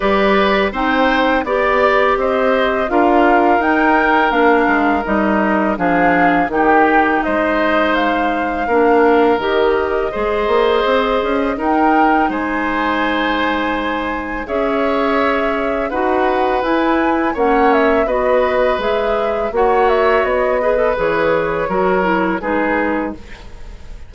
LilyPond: <<
  \new Staff \with { instrumentName = "flute" } { \time 4/4 \tempo 4 = 83 d''4 g''4 d''4 dis''4 | f''4 g''4 f''4 dis''4 | f''4 g''4 dis''4 f''4~ | f''4 dis''2. |
g''4 gis''2. | e''2 fis''4 gis''4 | fis''8 e''8 dis''4 e''4 fis''8 e''8 | dis''4 cis''2 b'4 | }
  \new Staff \with { instrumentName = "oboe" } { \time 4/4 b'4 c''4 d''4 c''4 | ais'1 | gis'4 g'4 c''2 | ais'2 c''2 |
ais'4 c''2. | cis''2 b'2 | cis''4 b'2 cis''4~ | cis''8 b'4. ais'4 gis'4 | }
  \new Staff \with { instrumentName = "clarinet" } { \time 4/4 g'4 dis'4 g'2 | f'4 dis'4 d'4 dis'4 | d'4 dis'2. | d'4 g'4 gis'2 |
dis'1 | gis'2 fis'4 e'4 | cis'4 fis'4 gis'4 fis'4~ | fis'8 gis'16 a'16 gis'4 fis'8 e'8 dis'4 | }
  \new Staff \with { instrumentName = "bassoon" } { \time 4/4 g4 c'4 b4 c'4 | d'4 dis'4 ais8 gis8 g4 | f4 dis4 gis2 | ais4 dis4 gis8 ais8 c'8 cis'8 |
dis'4 gis2. | cis'2 dis'4 e'4 | ais4 b4 gis4 ais4 | b4 e4 fis4 gis4 | }
>>